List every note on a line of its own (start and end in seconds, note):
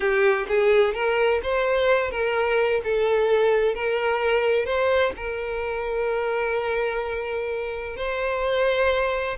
0.00 0.46 G4
0.48 0.94 G#4
0.94 1.40 A#4
1.42 2.11 C5
2.11 2.81 A#4
2.84 3.74 A4
3.74 4.65 A#4
4.65 5.12 C5
5.16 7.96 A#4
7.96 9.37 C5